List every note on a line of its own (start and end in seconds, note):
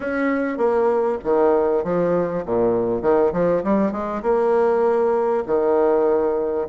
0.00 0.57 C#4
0.57 1.18 A#3
1.24 1.83 D#3
1.83 2.44 F3
2.45 3.02 A#2
3.02 3.32 D#3
3.33 3.63 F3
3.63 3.91 G3
3.91 4.22 G#3
4.22 5.43 A#3
5.46 6.67 D#3